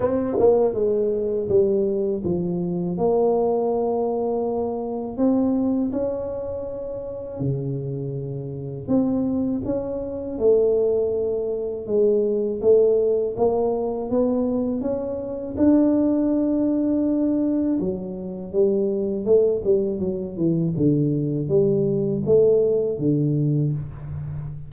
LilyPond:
\new Staff \with { instrumentName = "tuba" } { \time 4/4 \tempo 4 = 81 c'8 ais8 gis4 g4 f4 | ais2. c'4 | cis'2 cis2 | c'4 cis'4 a2 |
gis4 a4 ais4 b4 | cis'4 d'2. | fis4 g4 a8 g8 fis8 e8 | d4 g4 a4 d4 | }